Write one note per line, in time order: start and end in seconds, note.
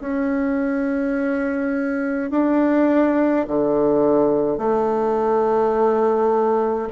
0.00 2.30 C#4
2.30 3.46 D4
3.47 4.57 D3
4.57 6.88 A3